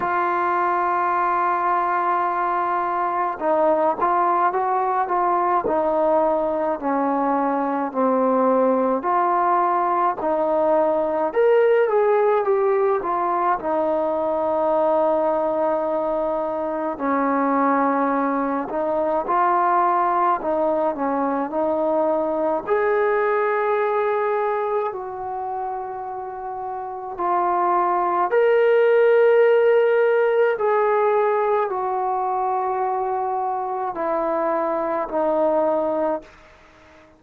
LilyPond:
\new Staff \with { instrumentName = "trombone" } { \time 4/4 \tempo 4 = 53 f'2. dis'8 f'8 | fis'8 f'8 dis'4 cis'4 c'4 | f'4 dis'4 ais'8 gis'8 g'8 f'8 | dis'2. cis'4~ |
cis'8 dis'8 f'4 dis'8 cis'8 dis'4 | gis'2 fis'2 | f'4 ais'2 gis'4 | fis'2 e'4 dis'4 | }